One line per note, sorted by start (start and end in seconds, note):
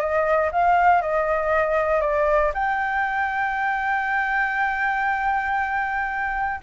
0.00 0.51 D#5
0.52 1.02 F5
1.02 2.02 D#5
2.02 2.52 D5
2.55 6.61 G5